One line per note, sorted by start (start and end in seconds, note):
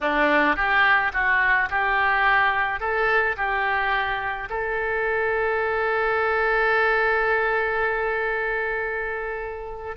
0.00 0.56 D4
0.56 1.12 G4
1.13 1.69 F#4
1.69 2.80 G4
2.80 3.36 A4
3.36 4.49 G4
4.49 9.96 A4